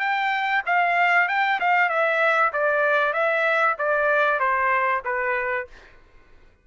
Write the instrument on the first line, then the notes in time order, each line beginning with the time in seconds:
trumpet
0.00 G5
0.66 F5
1.29 G5
1.61 F5
1.89 E5
2.53 D5
3.14 E5
3.79 D5
4.40 C5
5.05 B4